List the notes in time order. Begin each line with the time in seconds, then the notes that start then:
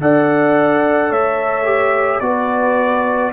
0.00 D4 A4 D5 F#5
1.09 A3 C#5 E5
1.64 G4
2.20 B3 F#4 B4 D5